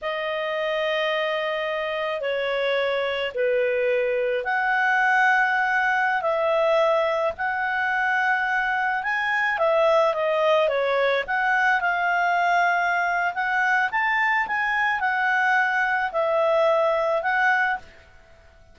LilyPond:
\new Staff \with { instrumentName = "clarinet" } { \time 4/4 \tempo 4 = 108 dis''1 | cis''2 b'2 | fis''2.~ fis''16 e''8.~ | e''4~ e''16 fis''2~ fis''8.~ |
fis''16 gis''4 e''4 dis''4 cis''8.~ | cis''16 fis''4 f''2~ f''8. | fis''4 a''4 gis''4 fis''4~ | fis''4 e''2 fis''4 | }